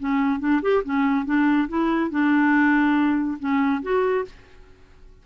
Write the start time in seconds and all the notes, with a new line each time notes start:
0.00 C#4
0.40 D4
0.62 G4
0.84 C#4
1.26 D4
1.69 E4
2.11 D4
3.40 C#4
3.83 F#4